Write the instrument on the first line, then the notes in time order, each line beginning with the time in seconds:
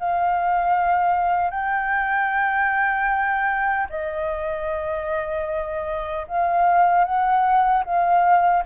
flute
0.00 F5
1.51 G5
3.90 D#5
6.28 F5
7.05 F#5
7.85 F5